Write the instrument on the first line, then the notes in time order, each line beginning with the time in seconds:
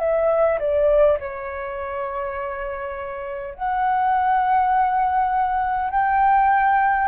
flute
0.00 E5
0.60 D5
1.20 C#5
3.55 F#5
5.91 G5